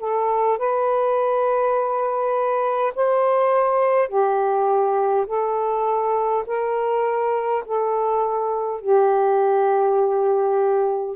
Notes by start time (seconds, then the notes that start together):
0.00 A4
0.58 B4
2.96 C5
4.09 G4
5.27 A4
6.47 A#4
7.66 A4
8.81 G4